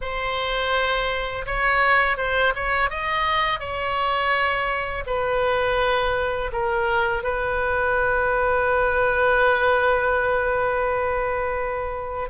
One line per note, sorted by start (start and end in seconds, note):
0.01 1.45 C5
1.46 2.17 C#5
2.17 2.53 C5
2.55 2.89 C#5
2.89 3.59 D#5
3.59 5.04 C#5
5.06 6.51 B4
6.52 7.23 A#4
7.23 12.29 B4